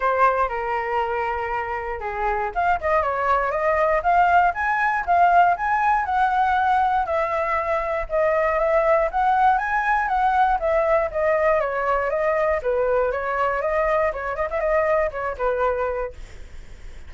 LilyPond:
\new Staff \with { instrumentName = "flute" } { \time 4/4 \tempo 4 = 119 c''4 ais'2. | gis'4 f''8 dis''8 cis''4 dis''4 | f''4 gis''4 f''4 gis''4 | fis''2 e''2 |
dis''4 e''4 fis''4 gis''4 | fis''4 e''4 dis''4 cis''4 | dis''4 b'4 cis''4 dis''4 | cis''8 dis''16 e''16 dis''4 cis''8 b'4. | }